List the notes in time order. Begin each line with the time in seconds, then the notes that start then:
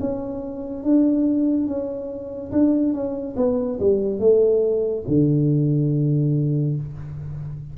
0.00 C#4
0.83 D4
1.67 C#4
2.52 D4
2.93 C#4
3.36 B3
3.80 G3
4.19 A3
5.07 D3